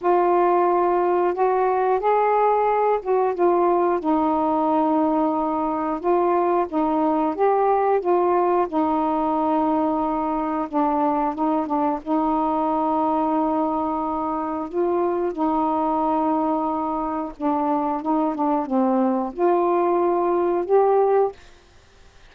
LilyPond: \new Staff \with { instrumentName = "saxophone" } { \time 4/4 \tempo 4 = 90 f'2 fis'4 gis'4~ | gis'8 fis'8 f'4 dis'2~ | dis'4 f'4 dis'4 g'4 | f'4 dis'2. |
d'4 dis'8 d'8 dis'2~ | dis'2 f'4 dis'4~ | dis'2 d'4 dis'8 d'8 | c'4 f'2 g'4 | }